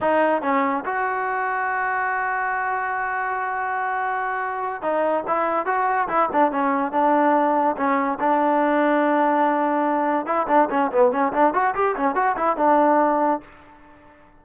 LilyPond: \new Staff \with { instrumentName = "trombone" } { \time 4/4 \tempo 4 = 143 dis'4 cis'4 fis'2~ | fis'1~ | fis'2.~ fis'8 dis'8~ | dis'8 e'4 fis'4 e'8 d'8 cis'8~ |
cis'8 d'2 cis'4 d'8~ | d'1~ | d'8 e'8 d'8 cis'8 b8 cis'8 d'8 fis'8 | g'8 cis'8 fis'8 e'8 d'2 | }